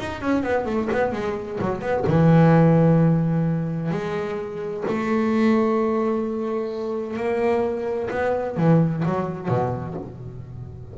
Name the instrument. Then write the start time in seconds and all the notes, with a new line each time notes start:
double bass
0.00 D#4
0.22 C#4
0.44 B3
0.66 A3
0.93 B3
1.13 G#3
1.61 F#3
1.82 B3
2.07 E3
3.92 G#3
4.88 A3
7.17 A#3
8.11 B3
8.57 E3
9.05 F#3
9.49 B2